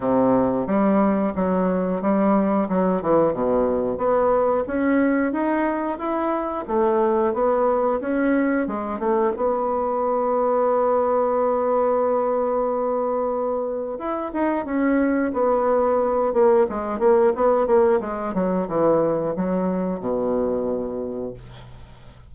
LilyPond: \new Staff \with { instrumentName = "bassoon" } { \time 4/4 \tempo 4 = 90 c4 g4 fis4 g4 | fis8 e8 b,4 b4 cis'4 | dis'4 e'4 a4 b4 | cis'4 gis8 a8 b2~ |
b1~ | b4 e'8 dis'8 cis'4 b4~ | b8 ais8 gis8 ais8 b8 ais8 gis8 fis8 | e4 fis4 b,2 | }